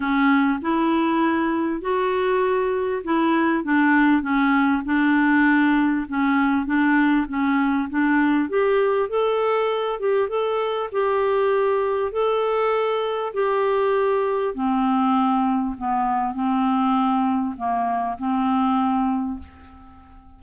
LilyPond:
\new Staff \with { instrumentName = "clarinet" } { \time 4/4 \tempo 4 = 99 cis'4 e'2 fis'4~ | fis'4 e'4 d'4 cis'4 | d'2 cis'4 d'4 | cis'4 d'4 g'4 a'4~ |
a'8 g'8 a'4 g'2 | a'2 g'2 | c'2 b4 c'4~ | c'4 ais4 c'2 | }